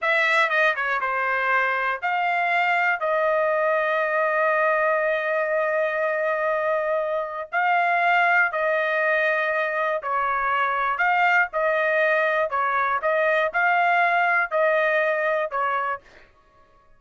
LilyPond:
\new Staff \with { instrumentName = "trumpet" } { \time 4/4 \tempo 4 = 120 e''4 dis''8 cis''8 c''2 | f''2 dis''2~ | dis''1~ | dis''2. f''4~ |
f''4 dis''2. | cis''2 f''4 dis''4~ | dis''4 cis''4 dis''4 f''4~ | f''4 dis''2 cis''4 | }